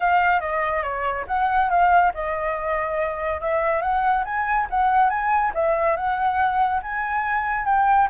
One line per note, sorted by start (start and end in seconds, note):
0.00 0.40 F5
0.40 0.82 D#5
0.82 1.25 C#5
1.27 1.69 F#5
1.69 2.12 F5
2.14 3.40 D#5
3.40 3.81 E5
3.81 4.24 F#5
4.24 4.67 G#5
4.69 5.09 F#5
5.09 5.52 G#5
5.54 5.96 E5
5.96 6.81 F#5
6.82 7.65 G#5
7.65 8.08 G5